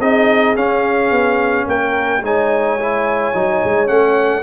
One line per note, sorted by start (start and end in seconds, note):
0.00 0.56 C4
0.00 0.56 D#4
0.00 1.67 G#4
0.00 0.56 D#5
0.56 2.23 C#4
0.56 1.11 C#4
0.56 1.68 F5
1.11 1.67 B3
1.67 2.23 A#3
1.67 2.23 A#4
1.67 2.24 G5
2.23 3.34 G#3
2.23 2.80 D#4
2.23 4.44 C#5
2.23 3.88 G#5
2.80 3.34 E4
3.34 3.62 F#3
3.34 3.87 D#4
3.65 3.89 G#3
3.87 4.44 A3
3.87 4.43 C#4
3.87 4.44 F#5